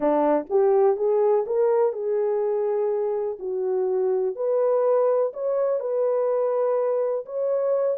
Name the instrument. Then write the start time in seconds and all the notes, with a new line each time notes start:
horn
0.00 D4
0.49 G4
0.96 G#4
1.46 A#4
1.92 G#4
3.39 F#4
4.35 B4
5.33 C#5
5.80 B4
7.25 C#5